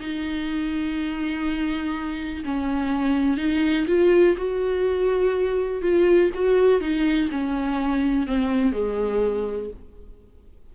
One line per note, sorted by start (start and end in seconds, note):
0.00 2.44 D#4
2.45 3.37 C#4
3.37 3.86 D#4
3.87 4.36 F4
4.37 5.82 F#4
5.82 6.31 F4
6.34 6.81 F#4
6.81 7.29 D#4
7.31 8.27 C#4
8.27 8.72 C4
8.72 9.70 G#3